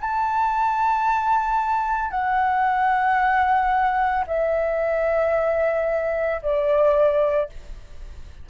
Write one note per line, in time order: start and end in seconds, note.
0.00 2.10 A5
2.10 4.24 F#5
4.27 6.41 E5
6.42 7.49 D5